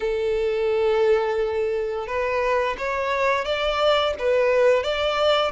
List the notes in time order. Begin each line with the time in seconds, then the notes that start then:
0.00 A4
2.07 B4
2.77 C#5
3.45 D5
4.18 B4
4.83 D5